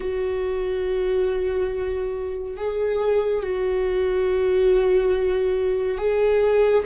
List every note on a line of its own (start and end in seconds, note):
0.00 2.57 F#4
2.57 3.42 G#4
3.42 5.98 F#4
5.98 6.83 G#4